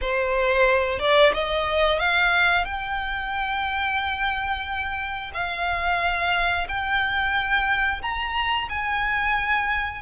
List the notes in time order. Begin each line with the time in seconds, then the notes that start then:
0.01 C5
0.99 D5
1.33 D#5
1.99 F5
2.64 G5
5.33 F5
6.68 G5
8.02 A#5
8.68 G#5